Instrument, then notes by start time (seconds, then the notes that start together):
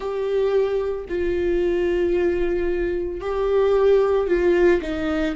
viola
0.00 G4
1.08 F4
3.20 G4
4.27 F4
4.81 D#4